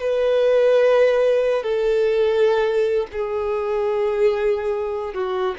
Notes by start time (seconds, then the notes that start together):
0.00 B4
1.63 A4
3.12 G#4
5.14 F#4